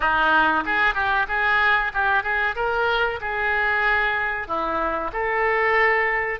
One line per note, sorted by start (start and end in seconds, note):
0.00 0.64 D#4
0.65 0.94 G#4
0.94 1.26 G4
1.28 1.91 G#4
1.93 2.23 G4
2.23 2.55 G#4
2.55 3.19 A#4
3.20 4.47 G#4
4.47 5.11 E4
5.12 6.40 A4